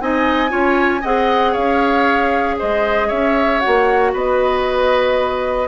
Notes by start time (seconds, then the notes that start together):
0.00 C4 D#4 D#5 G#5
0.49 C#4 F4 C#5
1.01 C4 G#4 D#5 F#5
1.52 C#4 C#5 F5
2.59 G#3 C5 D#5
3.08 C#4 C#5 E5
3.60 F#4 F#5
3.67 A#3
4.13 B3 B4 D#5